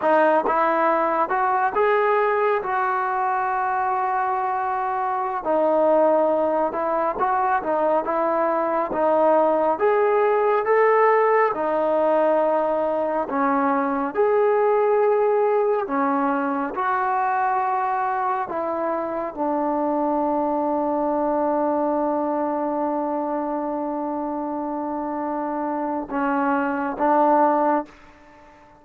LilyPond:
\new Staff \with { instrumentName = "trombone" } { \time 4/4 \tempo 4 = 69 dis'8 e'4 fis'8 gis'4 fis'4~ | fis'2~ fis'16 dis'4. e'16~ | e'16 fis'8 dis'8 e'4 dis'4 gis'8.~ | gis'16 a'4 dis'2 cis'8.~ |
cis'16 gis'2 cis'4 fis'8.~ | fis'4~ fis'16 e'4 d'4.~ d'16~ | d'1~ | d'2 cis'4 d'4 | }